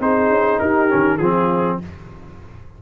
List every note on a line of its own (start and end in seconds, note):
0.00 0.30 C4
0.00 0.89 D#4
0.00 0.61 G#4
0.00 0.59 C5
0.30 0.60 C#4
0.59 0.91 D#4
0.59 1.18 G4
0.59 1.18 A#4
0.89 1.20 D#3
0.89 1.19 C#4
1.18 1.79 F3
1.18 1.82 C4
1.18 1.78 F4
1.18 1.78 G#4